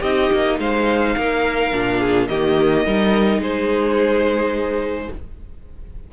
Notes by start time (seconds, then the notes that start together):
0.00 C4 D#4 G4 D#5
0.32 A#3
0.58 G#3 C5 F5
1.17 A#3 A#4
1.72 A#2 D4
1.99 G#4
2.27 D#3 A#3 G4 D#5
2.85 G3 D#4 A#4
3.38 G#3 G#4 C5